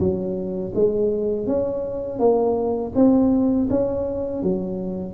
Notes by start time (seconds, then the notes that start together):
0.00 F#3
0.75 G#3
1.47 C#4
2.20 A#3
2.96 C4
3.71 C#4
4.43 F#3